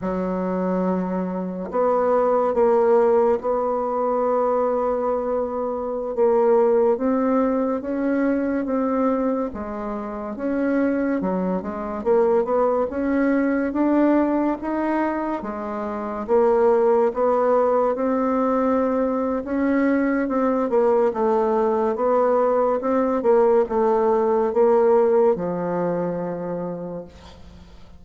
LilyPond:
\new Staff \with { instrumentName = "bassoon" } { \time 4/4 \tempo 4 = 71 fis2 b4 ais4 | b2.~ b16 ais8.~ | ais16 c'4 cis'4 c'4 gis8.~ | gis16 cis'4 fis8 gis8 ais8 b8 cis'8.~ |
cis'16 d'4 dis'4 gis4 ais8.~ | ais16 b4 c'4.~ c'16 cis'4 | c'8 ais8 a4 b4 c'8 ais8 | a4 ais4 f2 | }